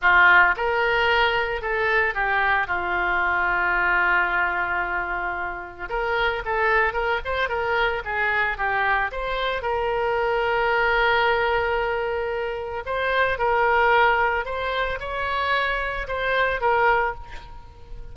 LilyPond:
\new Staff \with { instrumentName = "oboe" } { \time 4/4 \tempo 4 = 112 f'4 ais'2 a'4 | g'4 f'2.~ | f'2. ais'4 | a'4 ais'8 c''8 ais'4 gis'4 |
g'4 c''4 ais'2~ | ais'1 | c''4 ais'2 c''4 | cis''2 c''4 ais'4 | }